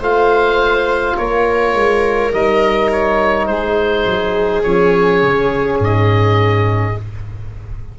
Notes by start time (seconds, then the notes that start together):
0.00 A3 F4 C5 F5
1.18 A#3 A#4 C#5
1.74 G#3
2.33 G3 D#4 D#5
2.93 C#5
3.47 G#3 G#4 C5
4.06 F#3
4.63 F3 C#4 C#5
5.23 C#3
5.80 G#2 D#5